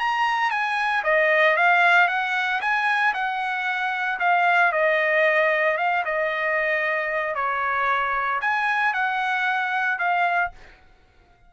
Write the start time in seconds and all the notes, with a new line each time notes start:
0.00 A#5
0.51 G#5
1.04 D#5
1.57 F5
2.08 F#5
2.61 G#5
3.14 F#5
4.20 F5
4.73 D#5
5.78 F5
6.06 D#5
7.36 C#5
8.42 G#5
8.94 F#5
9.99 F5